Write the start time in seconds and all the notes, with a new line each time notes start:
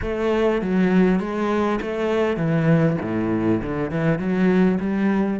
0.01 A3
0.61 F#3
1.19 G#3
1.81 A3
2.36 E3
3.01 A2
3.62 D3
3.90 E3
4.18 F#3
4.80 G3